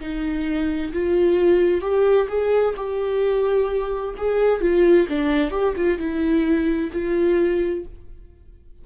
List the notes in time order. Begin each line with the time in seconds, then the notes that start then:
0.00 D#4
0.93 F4
1.81 G4
2.28 G#4
2.77 G4
4.17 G#4
4.61 F4
5.09 D4
5.51 G4
5.77 F4
5.98 E4
6.92 F4